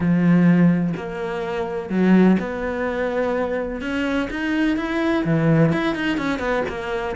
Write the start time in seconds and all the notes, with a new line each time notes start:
0.00 F3
0.96 A#3
1.89 F#3
2.39 B3
3.81 C#4
4.30 D#4
4.76 E4
5.24 E3
5.72 E4
5.95 D#4
6.17 C#4
6.39 B3
6.68 A#3